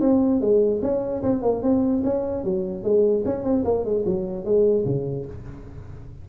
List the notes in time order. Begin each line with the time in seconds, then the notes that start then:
0.00 C4
0.40 G#3
0.82 C#4
1.22 C4
1.42 A#3
1.62 C4
2.04 C#4
2.44 F#3
2.83 G#3
3.25 C#4
3.43 C4
3.64 A#3
3.84 G#3
4.05 F#3
4.44 G#3
4.85 C#3